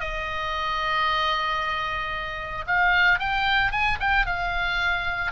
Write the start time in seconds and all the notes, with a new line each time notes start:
0.00 D#5
2.67 F5
3.19 G5
3.72 G#5
4.00 G5
4.26 F5